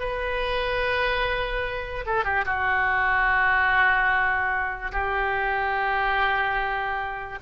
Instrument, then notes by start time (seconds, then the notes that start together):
oboe
0.00 B4
2.06 A4
2.25 G4
2.45 F#4
4.92 G4